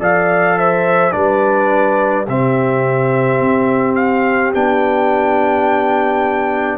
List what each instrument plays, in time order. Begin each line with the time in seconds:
0.00 tuba F3, trombone A4, horn D5, trumpet F5
0.58 horn C5, trumpet E5
1.12 tuba G3, trombone D4, horn B4, trumpet D5
2.27 tuba C3, trombone C4, horn G4, trumpet E5
3.41 tuba C4
3.95 trumpet F5
4.54 tuba B3, trombone D4, trumpet G5